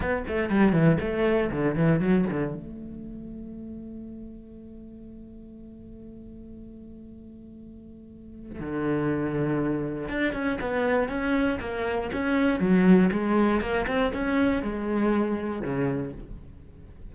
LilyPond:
\new Staff \with { instrumentName = "cello" } { \time 4/4 \tempo 4 = 119 b8 a8 g8 e8 a4 d8 e8 | fis8 d8 a2.~ | a1~ | a1~ |
a4 d2. | d'8 cis'8 b4 cis'4 ais4 | cis'4 fis4 gis4 ais8 c'8 | cis'4 gis2 cis4 | }